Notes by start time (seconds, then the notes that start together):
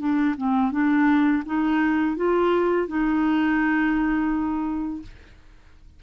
0.00 D4
0.38 C4
0.72 D4
1.46 D#4
2.17 F4
2.88 D#4